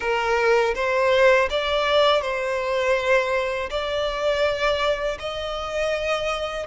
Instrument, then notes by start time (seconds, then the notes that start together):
violin
0.00 A#4
0.74 C5
1.49 D5
2.21 C5
3.70 D5
5.19 D#5